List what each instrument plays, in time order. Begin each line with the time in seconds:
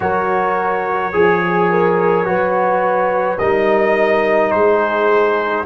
0.00 tuba F#3, trombone F#4, horn A#4, trumpet C#5
1.12 tuba F3, trombone G#4, horn G#4
1.70 horn A#4
2.25 tuba F#3, trombone F#4, horn B4
3.38 tuba G3, trombone D#4, horn A#4, trumpet D#5
4.51 tuba G#3, horn G#4, trumpet C5